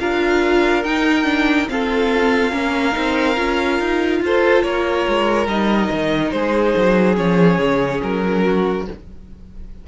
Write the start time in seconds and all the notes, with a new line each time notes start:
0.00 D4 F4 A#4 F5
0.84 D#4 G5
1.25 D4
1.69 C4 F4 A4 F5
2.51 A#3 C#4 A#4
2.92 C4 D#4
3.36 C#4 F4
3.80 D#4
4.21 F4 A4 C5
4.63 A#3 A#4 C#5
5.09 G#3
5.47 G3 D#4 D#5
5.91 D#3
6.32 G#3 G#4 C5
6.77 F#3
7.15 F3 C#4 C#5
7.59 C#3
8.03 F#3 A#4
8.45 F#4